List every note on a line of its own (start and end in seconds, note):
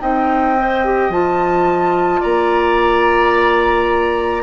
0.00 1.09 C4
0.00 0.56 D#4
0.00 2.20 D#5
0.00 1.11 G5
0.59 0.85 C5
0.85 1.12 G4
1.09 2.20 F3
1.09 4.43 F4
1.09 2.22 A5
2.20 4.43 A#3
2.20 4.42 D5
2.20 4.43 A#5